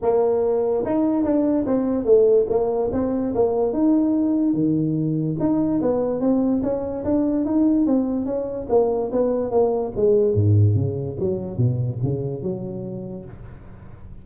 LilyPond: \new Staff \with { instrumentName = "tuba" } { \time 4/4 \tempo 4 = 145 ais2 dis'4 d'4 | c'4 a4 ais4 c'4 | ais4 dis'2 dis4~ | dis4 dis'4 b4 c'4 |
cis'4 d'4 dis'4 c'4 | cis'4 ais4 b4 ais4 | gis4 gis,4 cis4 fis4 | b,4 cis4 fis2 | }